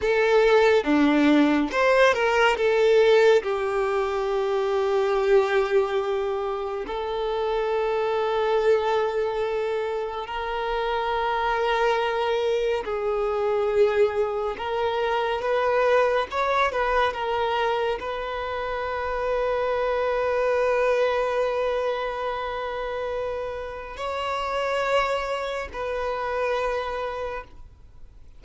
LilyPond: \new Staff \with { instrumentName = "violin" } { \time 4/4 \tempo 4 = 70 a'4 d'4 c''8 ais'8 a'4 | g'1 | a'1 | ais'2. gis'4~ |
gis'4 ais'4 b'4 cis''8 b'8 | ais'4 b'2.~ | b'1 | cis''2 b'2 | }